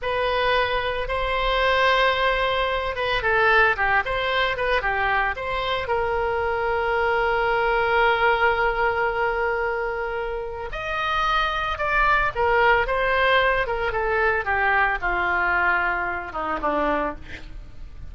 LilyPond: \new Staff \with { instrumentName = "oboe" } { \time 4/4 \tempo 4 = 112 b'2 c''2~ | c''4. b'8 a'4 g'8 c''8~ | c''8 b'8 g'4 c''4 ais'4~ | ais'1~ |
ais'1 | dis''2 d''4 ais'4 | c''4. ais'8 a'4 g'4 | f'2~ f'8 dis'8 d'4 | }